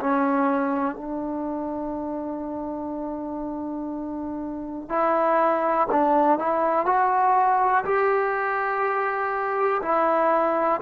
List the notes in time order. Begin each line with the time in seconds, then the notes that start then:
0.00 C#4
0.95 D4
4.89 E4
5.91 D4
6.38 E4
6.85 F#4
7.84 G4
9.82 E4